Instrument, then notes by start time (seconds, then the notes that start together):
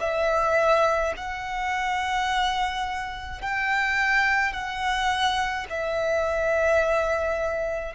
violin
0.00 E5
1.17 F#5
3.42 G5
4.53 F#5
5.70 E5